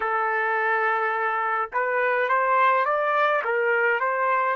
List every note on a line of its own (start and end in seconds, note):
0.00 1.70 A4
1.72 2.29 B4
2.29 2.85 C5
2.85 3.42 D5
3.44 3.99 A#4
3.99 4.56 C5